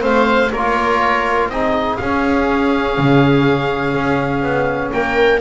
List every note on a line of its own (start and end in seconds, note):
0.00 0.52 A3
0.00 0.49 C4
0.00 0.51 C5
0.00 0.52 F5
0.52 1.49 A#3
0.52 1.52 F4
0.52 1.50 A#4
0.52 1.50 C#5
1.49 1.98 C4
1.49 2.00 D#4
1.49 4.93 G#4
1.49 1.97 D#5
1.97 5.41 C#4
1.97 2.98 C#4
1.97 4.89 F5
2.98 3.95 C#3
3.95 4.43 C#4
4.43 4.92 B3
4.93 5.41 A#3
4.93 5.41 A#4
4.93 5.41 G5